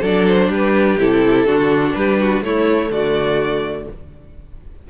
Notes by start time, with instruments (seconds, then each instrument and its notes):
0.00 cello F#3, viola D4, violin A4 D5
0.28 violin C5
0.49 cello G3, violin G4 B4
0.99 cello C3, viola E4, violin A4
1.46 cello D3, viola D4, violin F#4
1.94 cello G3, violin G4 B4
2.20 violin F#4
2.41 cello A3, viola A3, violin E4 C#5
2.90 cello D3, violin F#4 D5